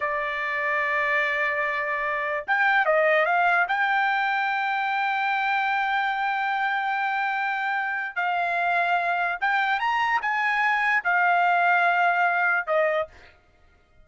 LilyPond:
\new Staff \with { instrumentName = "trumpet" } { \time 4/4 \tempo 4 = 147 d''1~ | d''2 g''4 dis''4 | f''4 g''2.~ | g''1~ |
g''1 | f''2. g''4 | ais''4 gis''2 f''4~ | f''2. dis''4 | }